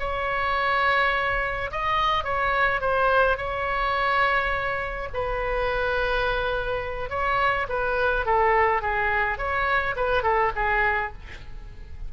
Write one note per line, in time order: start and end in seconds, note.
0.00 1.71 C#5
1.71 2.24 D#5
2.24 2.81 C#5
2.81 3.38 C5
3.38 5.09 C#5
5.14 7.10 B4
7.10 7.67 C#5
7.69 8.26 B4
8.26 8.82 A4
8.82 9.38 G#4
9.38 9.96 C#5
9.97 10.23 B4
10.23 10.52 A4
10.56 11.13 G#4